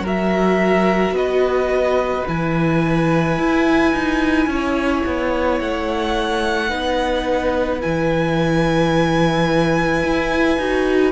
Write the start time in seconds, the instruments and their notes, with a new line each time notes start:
0.00 cello F#3, viola F#4, violin A#4
0.07 violin E5
1.11 cello B3, violin B4 D#5
2.27 cello E3, viola E4, violin G#5
3.38 cello E4
3.94 cello D#4
4.47 cello C#4, violin C#5
5.06 cello B3
5.60 cello A3, violin F#5
6.69 cello B3, viola D#4, violin B4
7.81 cello E3, viola E4, violin G#5
10.04 cello E4
10.58 cello D#4, viola F#4